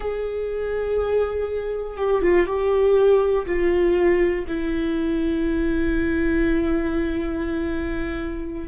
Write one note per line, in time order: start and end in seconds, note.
0.00 1.97 G#4
1.97 2.22 G4
2.22 2.46 F4
2.46 3.45 G4
3.46 4.45 F4
4.47 8.68 E4